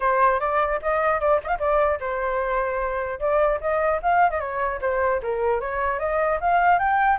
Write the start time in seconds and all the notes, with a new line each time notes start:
0.00 C5
0.40 D5
0.82 D#5
1.20 D5
1.43 D#5 F5
1.59 D5
1.99 C5
3.19 D5
3.60 D#5
4.02 F5
4.30 D#5
4.39 C#5
4.81 C5
5.22 A#4
5.60 C#5
5.99 D#5
6.40 F5
6.78 G5